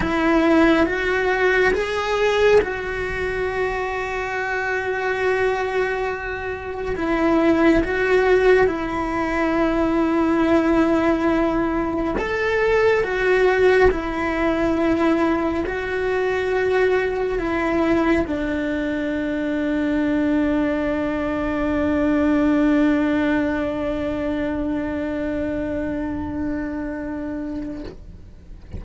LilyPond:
\new Staff \with { instrumentName = "cello" } { \time 4/4 \tempo 4 = 69 e'4 fis'4 gis'4 fis'4~ | fis'1 | e'4 fis'4 e'2~ | e'2 a'4 fis'4 |
e'2 fis'2 | e'4 d'2.~ | d'1~ | d'1 | }